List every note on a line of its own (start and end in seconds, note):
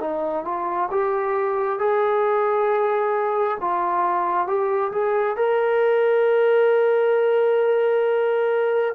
0.00 0.44 D#4
0.44 0.89 F4
0.91 1.79 G4
1.79 3.58 G#4
3.60 4.47 F4
4.47 4.91 G4
4.92 5.36 G#4
5.36 8.95 A#4